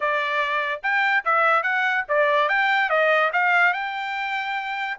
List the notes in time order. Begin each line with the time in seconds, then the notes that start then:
0.00 D5
0.82 G5
1.25 E5
1.63 F#5
2.08 D5
2.48 G5
2.89 D#5
3.32 F5
3.73 G5